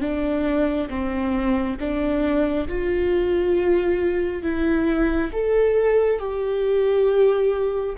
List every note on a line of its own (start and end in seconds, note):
0.00 0.88 D4
0.89 1.77 C4
1.79 2.68 D4
2.68 4.42 F4
4.42 5.31 E4
5.32 6.19 A4
6.19 7.95 G4